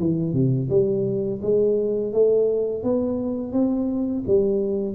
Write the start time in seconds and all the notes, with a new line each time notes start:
0.00 E3
0.33 C3
0.70 G3
1.42 G#3
2.13 A3
2.84 B3
3.53 C4
4.27 G3